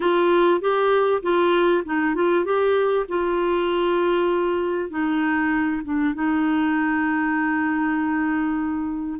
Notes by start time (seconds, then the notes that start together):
0.00 F4
0.60 G4
1.22 F4
1.85 D#4
2.14 F4
2.44 G4
3.08 F4
4.90 D#4
5.84 D4
6.14 D#4